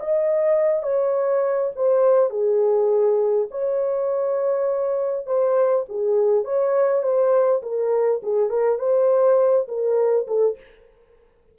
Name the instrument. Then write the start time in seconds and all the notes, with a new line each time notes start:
horn
0.00 D#5
0.83 C#5
1.76 C5
2.30 G#4
3.51 C#5
5.27 C5
5.89 G#4
6.44 C#5
7.03 C5
7.63 A#4
8.23 G#4
8.50 A#4
8.79 C5
9.68 A#4
10.28 A4